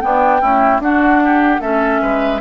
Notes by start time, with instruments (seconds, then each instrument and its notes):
0.00 clarinet B3, bassoon B3, oboe D4, flute G5
0.41 clarinet A3, bassoon C#4, oboe E4
0.79 bassoon D4, clarinet D4, oboe F#4, flute F#5
1.24 oboe G4
1.59 bassoon A3, clarinet C#4, oboe A4, flute E5
2.02 bassoon G#3, oboe B4